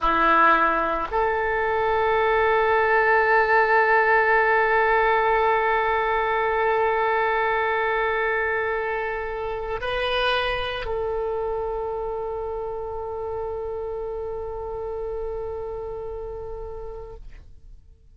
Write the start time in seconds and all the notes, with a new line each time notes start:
0.00 E4
1.11 A4
9.80 B4
10.85 A4